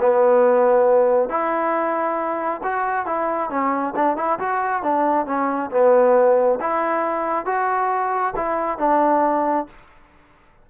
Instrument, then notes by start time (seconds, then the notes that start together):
trombone
0.00 B3
1.29 E4
2.63 F#4
3.06 E4
3.50 C#4
3.96 D4
4.17 E4
4.39 F#4
4.83 D4
5.26 C#4
5.71 B3
6.61 E4
7.46 F#4
8.36 E4
8.79 D4